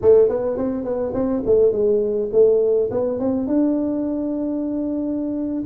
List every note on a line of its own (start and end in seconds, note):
0.01 0.29 A3
0.29 0.57 B3
0.57 0.84 C4
0.84 1.13 B3
1.14 1.43 C4
1.46 1.72 A3
1.72 2.29 G#3
2.32 2.90 A3
2.90 3.19 B3
3.19 3.47 C4
3.47 5.63 D4